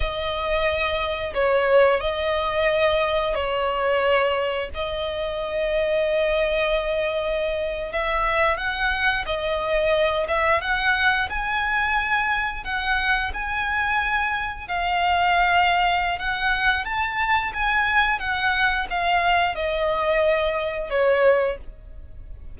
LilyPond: \new Staff \with { instrumentName = "violin" } { \time 4/4 \tempo 4 = 89 dis''2 cis''4 dis''4~ | dis''4 cis''2 dis''4~ | dis''2.~ dis''8. e''16~ | e''8. fis''4 dis''4. e''8 fis''16~ |
fis''8. gis''2 fis''4 gis''16~ | gis''4.~ gis''16 f''2~ f''16 | fis''4 a''4 gis''4 fis''4 | f''4 dis''2 cis''4 | }